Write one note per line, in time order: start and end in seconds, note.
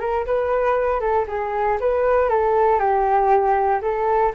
0.00 0.25 A#4
0.26 1.01 B4
1.01 1.26 A4
1.28 1.79 G#4
1.81 2.29 B4
2.29 2.80 A4
2.80 3.81 G4
3.82 4.33 A4